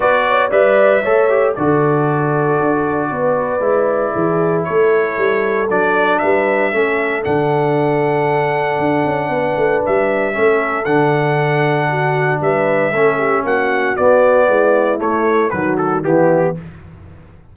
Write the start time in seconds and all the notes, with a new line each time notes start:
0.00 B3 F#4 B4 D5
0.28 C#5
0.50 G3 B4 D5 E5
1.02 A3 A4 C#5
1.29 G4
1.54 D3 F#4 A4 D5
2.59 D4
3.10 B3 B4
3.60 G#3 E4
4.13 E3 G#4
4.64 A3 A4 C#5
5.17 G3
5.70 F#3 D4 D5
6.18 G3 B4 E5
6.71 A3 C#4 A4
7.22 D3 D4 F#5
8.78 D4
9.05 C#4
9.29 B3 B4
9.56 A3
9.85 G3 E5
10.32 A3 C#4 A4
10.85 D3 D4 F#5
11.88 F#4
12.41 G3 B4 E5
12.91 A3 C#4 A4
13.17 G4
13.44 A#3 F#4 F#5
13.96 B3 D5
14.47 G#3 E4
14.97 A3 C#5
15.50 D#3 F#3 F#4 B4
15.77 A4
16.03 E3 B3 E4 G4